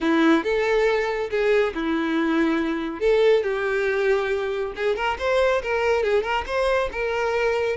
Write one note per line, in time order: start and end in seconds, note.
0.00 0.43 E4
0.43 1.29 A4
1.30 1.73 G#4
1.74 2.99 E4
2.99 3.43 A4
3.43 4.72 G4
4.75 4.95 G#4
4.95 5.17 A#4
5.18 5.61 C5
5.62 6.03 A#4
6.03 6.23 G#4
6.23 6.44 A#4
6.46 6.89 C5
6.92 7.76 A#4